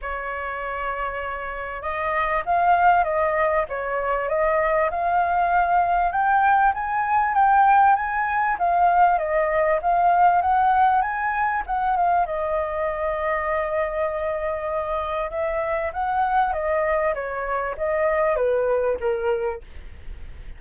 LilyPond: \new Staff \with { instrumentName = "flute" } { \time 4/4 \tempo 4 = 98 cis''2. dis''4 | f''4 dis''4 cis''4 dis''4 | f''2 g''4 gis''4 | g''4 gis''4 f''4 dis''4 |
f''4 fis''4 gis''4 fis''8 f''8 | dis''1~ | dis''4 e''4 fis''4 dis''4 | cis''4 dis''4 b'4 ais'4 | }